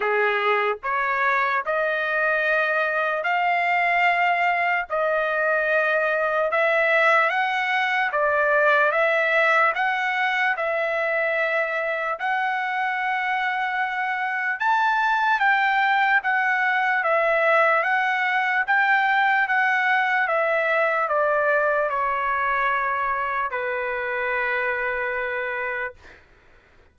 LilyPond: \new Staff \with { instrumentName = "trumpet" } { \time 4/4 \tempo 4 = 74 gis'4 cis''4 dis''2 | f''2 dis''2 | e''4 fis''4 d''4 e''4 | fis''4 e''2 fis''4~ |
fis''2 a''4 g''4 | fis''4 e''4 fis''4 g''4 | fis''4 e''4 d''4 cis''4~ | cis''4 b'2. | }